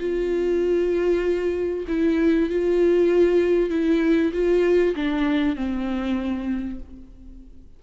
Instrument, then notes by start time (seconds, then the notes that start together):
viola
0.00 F4
1.88 E4
2.49 F4
3.70 E4
4.33 F4
4.95 D4
5.56 C4